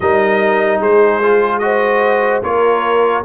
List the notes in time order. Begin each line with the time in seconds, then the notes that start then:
0.00 G3 D#4 A#4 D#5
0.79 G#3 G#4 C5
1.22 F4
1.58 F#4 C5 D#5
2.42 A#3 F4 A#4 C#5